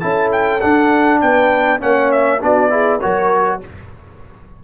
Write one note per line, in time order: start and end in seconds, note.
0.00 0.63 C#4
0.00 0.60 E4
0.00 1.20 A4
0.00 0.30 A5
0.32 0.61 G5
0.61 1.80 D4
0.61 1.22 D4
0.61 1.20 F#5
1.21 1.82 B3
1.21 1.82 B4
1.21 1.81 G5
1.80 2.42 A#3
1.80 2.40 C#4
1.80 2.42 C#5
1.80 2.12 F#5
2.12 2.42 E5
2.41 3.03 B3
2.41 2.70 D4
2.41 2.72 F#4
2.41 3.01 D5
2.70 3.00 E4
2.70 3.01 G#4
3.01 3.64 F#3
3.01 3.61 F#4
3.01 3.61 A#4
3.01 3.60 C#5